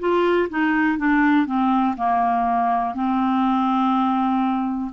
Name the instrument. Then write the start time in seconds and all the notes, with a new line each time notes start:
clarinet
0.00 F4
0.50 D#4
0.98 D4
1.47 C4
1.97 A#3
2.95 C4